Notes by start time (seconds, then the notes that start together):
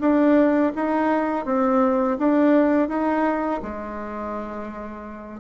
0.00 D4
0.75 D#4
1.45 C4
2.19 D4
2.88 D#4
3.62 G#3